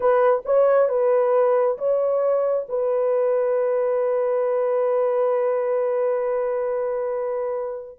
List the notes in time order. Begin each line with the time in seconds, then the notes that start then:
0.00 B4
0.45 C#5
0.88 B4
1.77 C#5
2.68 B4